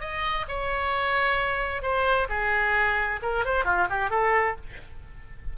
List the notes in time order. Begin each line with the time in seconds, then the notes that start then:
0.00 D#5
0.48 C#5
1.82 C5
2.29 G#4
3.22 A#4
3.45 C5
3.64 F4
3.90 G4
4.10 A4